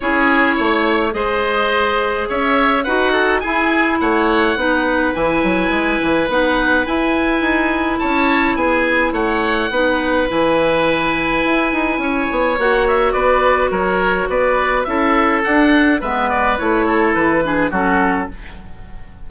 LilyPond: <<
  \new Staff \with { instrumentName = "oboe" } { \time 4/4 \tempo 4 = 105 cis''2 dis''2 | e''4 fis''4 gis''4 fis''4~ | fis''4 gis''2 fis''4 | gis''2 a''4 gis''4 |
fis''2 gis''2~ | gis''2 fis''8 e''8 d''4 | cis''4 d''4 e''4 fis''4 | e''8 d''8 cis''4 b'4 a'4 | }
  \new Staff \with { instrumentName = "oboe" } { \time 4/4 gis'4 cis''4 c''2 | cis''4 b'8 a'8 gis'4 cis''4 | b'1~ | b'2 cis''4 gis'4 |
cis''4 b'2.~ | b'4 cis''2 b'4 | ais'4 b'4 a'2 | b'4. a'4 gis'8 fis'4 | }
  \new Staff \with { instrumentName = "clarinet" } { \time 4/4 e'2 gis'2~ | gis'4 fis'4 e'2 | dis'4 e'2 dis'4 | e'1~ |
e'4 dis'4 e'2~ | e'2 fis'2~ | fis'2 e'4 d'4 | b4 e'4. d'8 cis'4 | }
  \new Staff \with { instrumentName = "bassoon" } { \time 4/4 cis'4 a4 gis2 | cis'4 dis'4 e'4 a4 | b4 e8 fis8 gis8 e8 b4 | e'4 dis'4 cis'4 b4 |
a4 b4 e2 | e'8 dis'8 cis'8 b8 ais4 b4 | fis4 b4 cis'4 d'4 | gis4 a4 e4 fis4 | }
>>